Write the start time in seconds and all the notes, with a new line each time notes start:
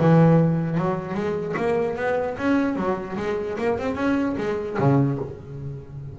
0.00 E3
0.78 F#3
1.15 G#3
1.57 A#3
1.97 B3
2.38 C#4
2.76 F#3
3.17 G#3
3.59 A#3
3.79 C4
3.96 C#4
4.38 G#3
4.79 C#3